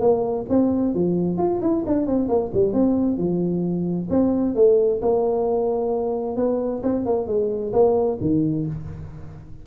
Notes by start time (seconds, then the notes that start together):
0.00 A#3
0.49 C4
0.94 F3
1.38 F4
1.61 E4
1.86 D4
2.06 C4
2.28 A#3
2.54 G3
2.73 C4
3.18 F3
4.10 C4
4.55 A3
5.02 A#3
6.36 B3
6.83 C4
7.05 A#3
7.27 G#3
7.73 A#3
8.21 D#3